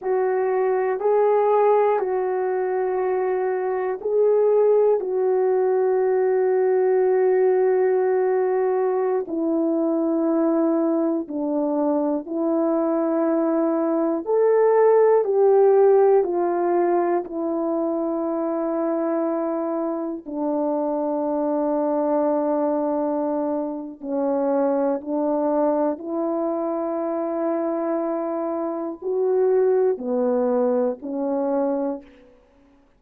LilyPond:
\new Staff \with { instrumentName = "horn" } { \time 4/4 \tempo 4 = 60 fis'4 gis'4 fis'2 | gis'4 fis'2.~ | fis'4~ fis'16 e'2 d'8.~ | d'16 e'2 a'4 g'8.~ |
g'16 f'4 e'2~ e'8.~ | e'16 d'2.~ d'8. | cis'4 d'4 e'2~ | e'4 fis'4 b4 cis'4 | }